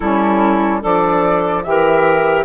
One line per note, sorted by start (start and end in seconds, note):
0.00 0.83 G3
0.00 0.81 C#4
0.00 0.81 E4
0.00 0.82 A4
0.81 1.65 F3
0.81 1.63 D4
0.81 1.63 A4
0.81 1.63 D5
1.63 2.44 E3
1.63 2.44 G4
1.63 2.44 A#4
1.63 2.44 E5